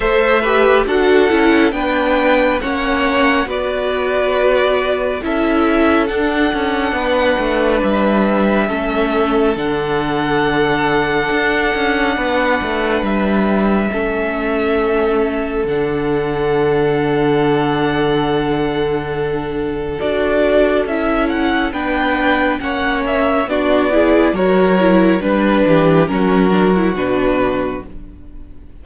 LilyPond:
<<
  \new Staff \with { instrumentName = "violin" } { \time 4/4 \tempo 4 = 69 e''4 fis''4 g''4 fis''4 | d''2 e''4 fis''4~ | fis''4 e''2 fis''4~ | fis''2. e''4~ |
e''2 fis''2~ | fis''2. d''4 | e''8 fis''8 g''4 fis''8 e''8 d''4 | cis''4 b'4 ais'4 b'4 | }
  \new Staff \with { instrumentName = "violin" } { \time 4/4 c''8 b'8 a'4 b'4 cis''4 | b'2 a'2 | b'2 a'2~ | a'2 b'2 |
a'1~ | a'1~ | a'4 b'4 cis''4 fis'8 gis'8 | ais'4 b'8 g'8 fis'2 | }
  \new Staff \with { instrumentName = "viola" } { \time 4/4 a'8 g'8 fis'8 e'8 d'4 cis'4 | fis'2 e'4 d'4~ | d'2 cis'4 d'4~ | d'1 |
cis'2 d'2~ | d'2. fis'4 | e'4 d'4 cis'4 d'8 e'8 | fis'8 e'8 d'4 cis'8 d'16 e'16 d'4 | }
  \new Staff \with { instrumentName = "cello" } { \time 4/4 a4 d'8 cis'8 b4 ais4 | b2 cis'4 d'8 cis'8 | b8 a8 g4 a4 d4~ | d4 d'8 cis'8 b8 a8 g4 |
a2 d2~ | d2. d'4 | cis'4 b4 ais4 b4 | fis4 g8 e8 fis4 b,4 | }
>>